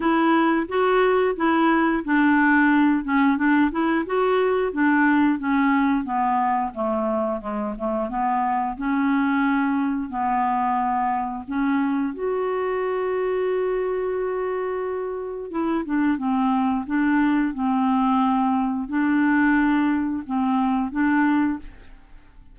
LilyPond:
\new Staff \with { instrumentName = "clarinet" } { \time 4/4 \tempo 4 = 89 e'4 fis'4 e'4 d'4~ | d'8 cis'8 d'8 e'8 fis'4 d'4 | cis'4 b4 a4 gis8 a8 | b4 cis'2 b4~ |
b4 cis'4 fis'2~ | fis'2. e'8 d'8 | c'4 d'4 c'2 | d'2 c'4 d'4 | }